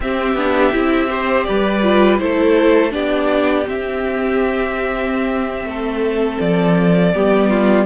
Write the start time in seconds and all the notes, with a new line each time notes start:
0.00 C4 G4 E5
0.35 B3 D4
0.72 C4 E4
1.08 G4 C5
1.44 G3 B4 D5
1.82 F4
2.18 A3 E4 A4 C5
2.90 B3 D4 G4 D5
3.65 C4 E5
5.64 A3 A4
6.40 F3 D5
7.14 G3 B3 G4
7.49 F4